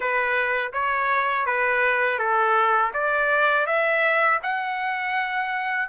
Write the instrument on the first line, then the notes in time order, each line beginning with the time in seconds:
trumpet
0.00 B4
0.73 C#5
1.46 B4
2.19 A4
2.93 D5
3.66 E5
4.42 F#5